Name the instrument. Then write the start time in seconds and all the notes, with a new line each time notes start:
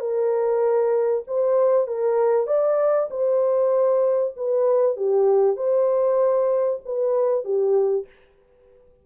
horn
0.00 A#4
1.27 C5
1.87 A#4
2.47 D5
3.10 C5
4.37 B4
4.96 G4
5.56 C5
6.85 B4
7.44 G4